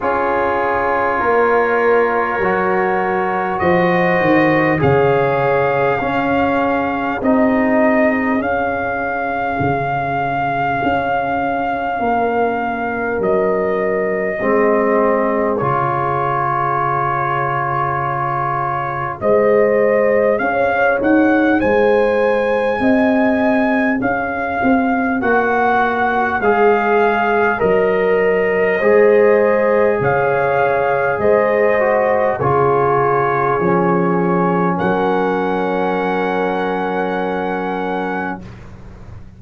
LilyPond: <<
  \new Staff \with { instrumentName = "trumpet" } { \time 4/4 \tempo 4 = 50 cis''2. dis''4 | f''2 dis''4 f''4~ | f''2. dis''4~ | dis''4 cis''2. |
dis''4 f''8 fis''8 gis''2 | f''4 fis''4 f''4 dis''4~ | dis''4 f''4 dis''4 cis''4~ | cis''4 fis''2. | }
  \new Staff \with { instrumentName = "horn" } { \time 4/4 gis'4 ais'2 c''4 | cis''4 gis'2.~ | gis'2 ais'2 | gis'1 |
c''4 cis''4 c''4 dis''4 | cis''1 | c''4 cis''4 c''4 gis'4~ | gis'4 ais'2. | }
  \new Staff \with { instrumentName = "trombone" } { \time 4/4 f'2 fis'2 | gis'4 cis'4 dis'4 cis'4~ | cis'1 | c'4 f'2. |
gis'1~ | gis'4 fis'4 gis'4 ais'4 | gis'2~ gis'8 fis'8 f'4 | cis'1 | }
  \new Staff \with { instrumentName = "tuba" } { \time 4/4 cis'4 ais4 fis4 f8 dis8 | cis4 cis'4 c'4 cis'4 | cis4 cis'4 ais4 fis4 | gis4 cis2. |
gis4 cis'8 dis'8 gis4 c'4 | cis'8 c'8 ais4 gis4 fis4 | gis4 cis4 gis4 cis4 | f4 fis2. | }
>>